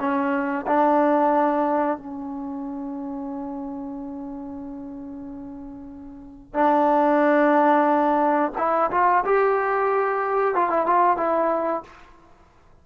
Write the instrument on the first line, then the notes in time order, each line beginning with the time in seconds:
trombone
0.00 C#4
0.67 D4
1.98 C#4
6.54 D4
8.58 E4
8.91 F4
9.25 G4
10.55 F4
10.70 E4
10.86 F4
11.17 E4